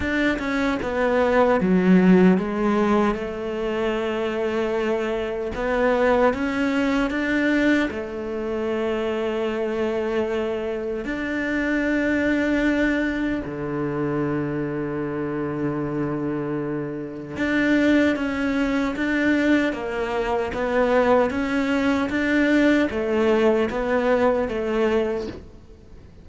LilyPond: \new Staff \with { instrumentName = "cello" } { \time 4/4 \tempo 4 = 76 d'8 cis'8 b4 fis4 gis4 | a2. b4 | cis'4 d'4 a2~ | a2 d'2~ |
d'4 d2.~ | d2 d'4 cis'4 | d'4 ais4 b4 cis'4 | d'4 a4 b4 a4 | }